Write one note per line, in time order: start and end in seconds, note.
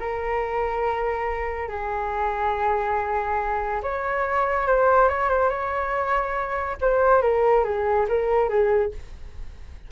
0.00 1.69 A#4
1.69 3.82 G#4
3.83 4.67 C#5
4.67 5.09 C5
5.09 5.30 C#5
5.30 5.50 C5
5.50 6.77 C#5
6.81 7.22 C5
7.22 7.64 A#4
7.64 8.07 G#4
8.09 8.49 A#4
8.49 8.92 G#4